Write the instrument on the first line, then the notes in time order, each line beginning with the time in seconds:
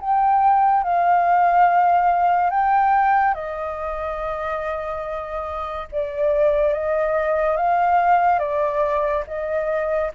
flute
0.00 G5
0.83 F5
2.50 G5
3.34 D#5
5.92 D5
6.73 D#5
7.57 F5
8.39 D5
9.27 D#5